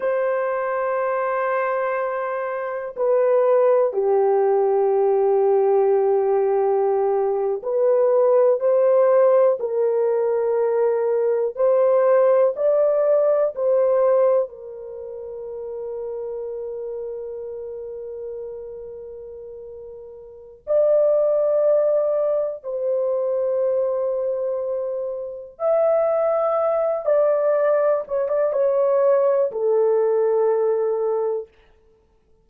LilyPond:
\new Staff \with { instrumentName = "horn" } { \time 4/4 \tempo 4 = 61 c''2. b'4 | g'2.~ g'8. b'16~ | b'8. c''4 ais'2 c''16~ | c''8. d''4 c''4 ais'4~ ais'16~ |
ais'1~ | ais'4 d''2 c''4~ | c''2 e''4. d''8~ | d''8 cis''16 d''16 cis''4 a'2 | }